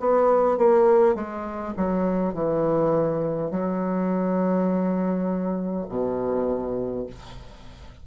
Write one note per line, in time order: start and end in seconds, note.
0.00 0.58 B3
0.58 1.15 A#3
1.15 1.74 G#3
1.77 2.34 F#3
2.34 3.51 E3
3.51 5.87 F#3
5.89 7.06 B2